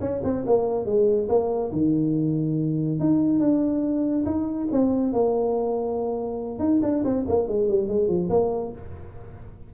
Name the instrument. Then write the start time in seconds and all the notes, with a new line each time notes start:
tuba
0.00 C#4
0.23 C4
0.46 A#3
0.85 G#3
1.28 A#3
1.72 D#3
2.99 D#4
3.39 D4
4.25 D#4
4.71 C4
5.12 A#3
6.59 D#4
6.82 D4
7.04 C4
7.28 A#3
7.48 G#3
7.68 G3
7.88 G#3
8.08 F3
8.29 A#3